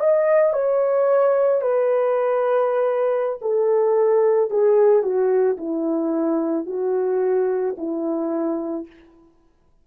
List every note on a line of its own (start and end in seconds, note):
0.00 0.53 D#5
0.53 1.62 C#5
1.62 3.39 B4
3.41 4.50 A4
4.50 5.03 G#4
5.03 5.57 F#4
5.58 6.66 E4
6.66 7.75 F#4
7.78 8.87 E4